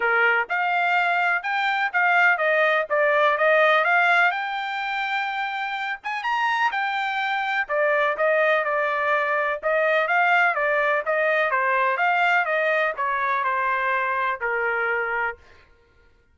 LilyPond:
\new Staff \with { instrumentName = "trumpet" } { \time 4/4 \tempo 4 = 125 ais'4 f''2 g''4 | f''4 dis''4 d''4 dis''4 | f''4 g''2.~ | g''8 gis''8 ais''4 g''2 |
d''4 dis''4 d''2 | dis''4 f''4 d''4 dis''4 | c''4 f''4 dis''4 cis''4 | c''2 ais'2 | }